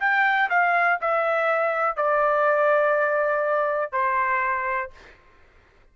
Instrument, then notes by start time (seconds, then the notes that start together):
trumpet
0.00 G5
0.50 F5
1.01 E5
1.96 D5
3.92 C5